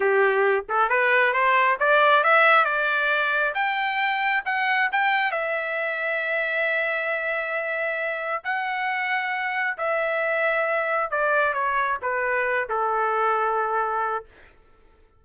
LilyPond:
\new Staff \with { instrumentName = "trumpet" } { \time 4/4 \tempo 4 = 135 g'4. a'8 b'4 c''4 | d''4 e''4 d''2 | g''2 fis''4 g''4 | e''1~ |
e''2. fis''4~ | fis''2 e''2~ | e''4 d''4 cis''4 b'4~ | b'8 a'2.~ a'8 | }